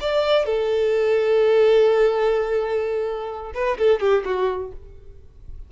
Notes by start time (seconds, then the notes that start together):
0.00 D5
0.45 A4
3.53 B4
3.78 A4
3.99 G4
4.24 F#4